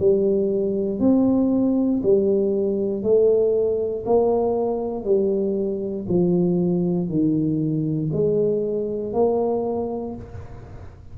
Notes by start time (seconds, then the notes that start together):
0.00 G3
1.00 C4
2.03 G3
3.03 A3
4.06 A#3
5.05 G3
6.09 F3
7.09 D#3
8.13 G#3
9.14 A#3